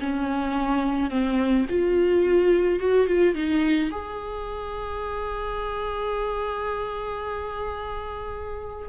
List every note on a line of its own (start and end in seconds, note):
0.00 1.10 C#4
1.10 1.66 C4
1.69 2.80 F4
2.80 3.07 F#4
3.07 3.35 F4
3.35 3.90 D#4
3.91 8.89 G#4